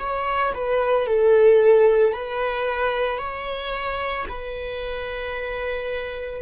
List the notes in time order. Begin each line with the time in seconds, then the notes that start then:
0.00 C#5
0.55 B4
1.07 A4
2.13 B4
3.19 C#5
4.29 B4